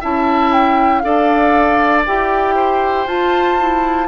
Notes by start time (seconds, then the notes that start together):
0.00 C#4 E4 E5 A5
0.53 G5
0.99 D4 A4 D5 F5
2.06 E4 G4 G5
2.55 C5
3.06 F4 A5
3.58 E4